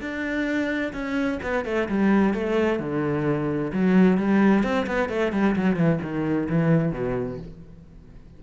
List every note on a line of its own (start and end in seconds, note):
0.00 0.92 D4
0.93 1.39 C#4
1.42 1.64 B3
1.64 1.88 A3
1.88 2.33 G3
2.33 2.79 A3
2.79 3.72 D3
3.72 4.17 F#3
4.17 4.63 G3
4.63 4.86 C4
4.86 5.09 B3
5.09 5.32 A3
5.32 5.55 G3
5.56 5.76 F#3
5.76 5.99 E3
6.02 6.48 D#3
6.49 6.92 E3
6.92 7.38 B2